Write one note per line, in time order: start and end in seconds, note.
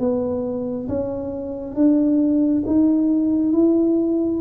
0.00 0.88 B3
0.89 1.75 C#4
1.75 2.64 D4
2.67 3.53 D#4
3.53 4.41 E4